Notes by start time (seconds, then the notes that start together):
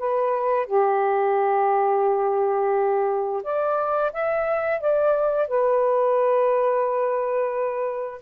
0.00 B4
0.67 G4
3.44 D5
4.13 E5
4.81 D5
5.49 B4